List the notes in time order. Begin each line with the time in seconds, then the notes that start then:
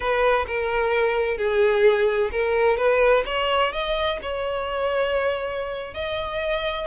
0.00 B4
0.47 A#4
1.37 G#4
2.31 A#4
2.77 B4
3.25 C#5
3.72 D#5
4.22 C#5
5.94 D#5